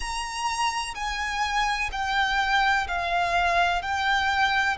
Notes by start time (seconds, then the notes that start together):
0.00 A#5
0.94 G#5
1.92 G5
2.87 F5
3.81 G5